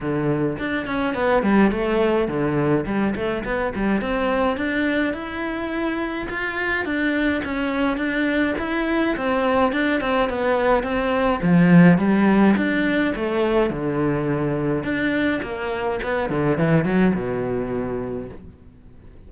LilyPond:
\new Staff \with { instrumentName = "cello" } { \time 4/4 \tempo 4 = 105 d4 d'8 cis'8 b8 g8 a4 | d4 g8 a8 b8 g8 c'4 | d'4 e'2 f'4 | d'4 cis'4 d'4 e'4 |
c'4 d'8 c'8 b4 c'4 | f4 g4 d'4 a4 | d2 d'4 ais4 | b8 d8 e8 fis8 b,2 | }